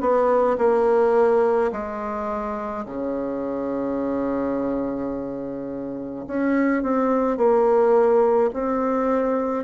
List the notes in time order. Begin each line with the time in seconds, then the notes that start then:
0.00 B3
0.58 A#3
1.72 G#3
2.86 C#3
6.27 C#4
6.83 C4
7.37 A#3
8.53 C4